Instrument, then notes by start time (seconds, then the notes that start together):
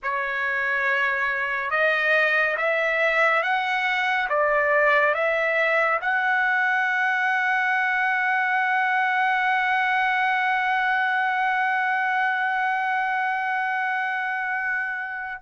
trumpet
0.02 C#5
1.70 D#5
2.57 E5
3.42 F#5
4.29 D5
5.14 E5
6.01 F#5